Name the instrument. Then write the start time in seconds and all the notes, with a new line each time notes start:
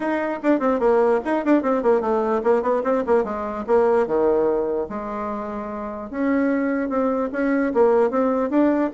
bassoon
0.00 D#4
0.43 D4
0.59 C4
0.79 A#3
1.24 D#4
1.44 D4
1.62 C4
1.82 A#3
2.00 A3
2.43 A#3
2.62 B3
2.83 C4
3.06 A#3
3.24 G#3
3.66 A#3
4.06 D#3
4.89 G#3
6.10 C#4
6.89 C4
7.32 C#4
7.74 A#3
8.10 C4
8.50 D4